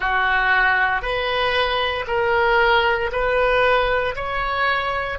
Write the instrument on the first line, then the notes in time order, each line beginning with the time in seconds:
oboe
0.00 F#4
1.02 B4
2.07 A#4
3.11 B4
4.15 C#5